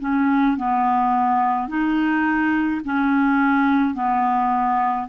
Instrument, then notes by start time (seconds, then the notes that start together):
clarinet
0.00 C#4
0.57 B3
1.68 D#4
2.85 C#4
3.94 B3